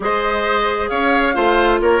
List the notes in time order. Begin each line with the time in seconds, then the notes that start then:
0.00 G#3 G#4 C5 D#5
0.88 C#4 C#5 F5
1.34 A3 F4 C5
1.81 A#3 A#4 C#5